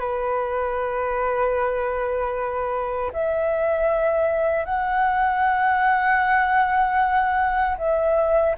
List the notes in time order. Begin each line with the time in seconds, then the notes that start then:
0.00 B4
3.13 E5
4.65 F#5
7.79 E5